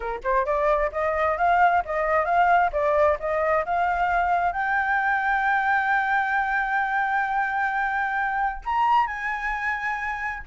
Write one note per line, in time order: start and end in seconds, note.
0.00 0.20 A#4
0.23 0.45 C5
0.45 0.90 D5
0.92 1.37 D#5
1.37 1.83 F5
1.85 2.25 D#5
2.25 2.70 F5
2.72 3.18 D5
3.19 3.64 D#5
3.65 4.52 F5
4.52 8.61 G5
8.65 9.06 A#5
9.06 10.43 G#5